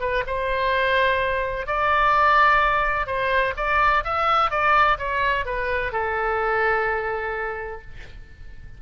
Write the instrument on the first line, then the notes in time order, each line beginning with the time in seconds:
oboe
0.00 B4
0.27 C5
1.67 D5
3.07 C5
3.57 D5
4.04 E5
4.51 D5
4.98 C#5
5.45 B4
5.92 A4